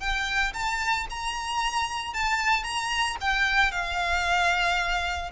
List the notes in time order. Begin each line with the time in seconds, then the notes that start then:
0.00 G5
0.54 A5
1.10 A#5
2.14 A5
2.64 A#5
3.21 G5
3.72 F5